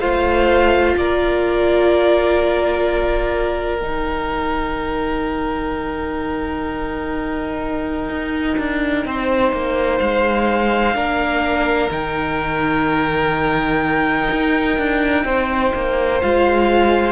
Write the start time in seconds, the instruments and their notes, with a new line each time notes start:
0.00 cello A3, viola F4, violin C5 F5
0.97 cello A#3, violin A#4 D5
3.80 cello D#3, viola D#4, violin G5
8.10 cello D#4
8.58 cello D4
9.06 cello C4, violin C5
9.52 cello A#3
9.99 cello G#3, violin F5
10.94 cello A#3, viola D4, violin A#4
11.91 cello D#3, viola D#4, violin G5
14.32 cello D#4
14.78 cello D4
15.24 cello C4, violin C5
15.75 cello A#3
16.21 cello G#3, viola F4, violin F5